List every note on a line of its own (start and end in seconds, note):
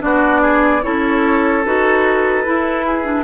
0.00 0.84 B3
0.00 0.81 D4
0.00 0.41 F#4
0.00 0.83 D5
0.41 0.82 G#4
0.82 1.65 C#4
0.82 1.63 E4
0.82 2.86 A4
0.82 1.64 C#5
1.64 2.46 D#4
1.64 2.44 F#4
1.64 3.24 B4
2.44 3.04 E4
2.44 3.24 E4
2.86 3.24 G#4
3.04 3.24 D4